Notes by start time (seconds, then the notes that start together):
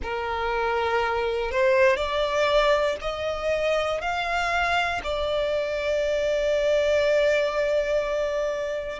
0.02 A#4
1.50 C5
1.96 D5
3.01 D#5
4.00 F5
5.03 D5